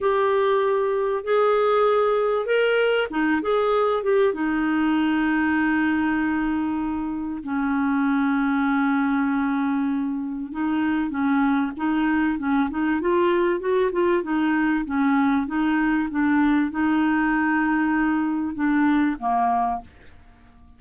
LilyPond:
\new Staff \with { instrumentName = "clarinet" } { \time 4/4 \tempo 4 = 97 g'2 gis'2 | ais'4 dis'8 gis'4 g'8 dis'4~ | dis'1 | cis'1~ |
cis'4 dis'4 cis'4 dis'4 | cis'8 dis'8 f'4 fis'8 f'8 dis'4 | cis'4 dis'4 d'4 dis'4~ | dis'2 d'4 ais4 | }